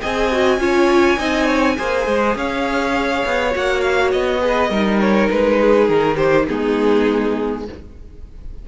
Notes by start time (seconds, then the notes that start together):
0.00 C4 G#4 D#5 G#5
0.31 F#4
0.58 C#4 F4 C#5
1.17 C4 D#4 D#5
1.45 C#5
1.77 A#3 G#4 C5
2.06 G#3
2.35 C#4 C#5 F5
3.25 B3
3.51 A#3 F#4 F#5
3.80 F5
4.11 B3 D#5
4.40 G#4 B4
4.69 G3 D#4 A#4
5.00 C#5
5.30 G#3 B4
5.61 G#4
5.88 D#3 A#4
6.15 G4 C5
6.47 G#3 B3 D#4 G#4